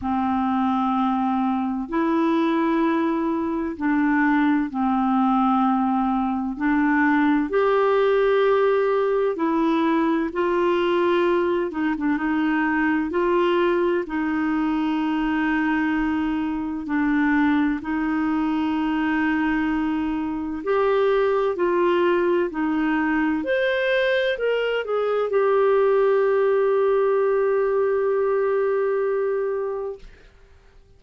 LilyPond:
\new Staff \with { instrumentName = "clarinet" } { \time 4/4 \tempo 4 = 64 c'2 e'2 | d'4 c'2 d'4 | g'2 e'4 f'4~ | f'8 dis'16 d'16 dis'4 f'4 dis'4~ |
dis'2 d'4 dis'4~ | dis'2 g'4 f'4 | dis'4 c''4 ais'8 gis'8 g'4~ | g'1 | }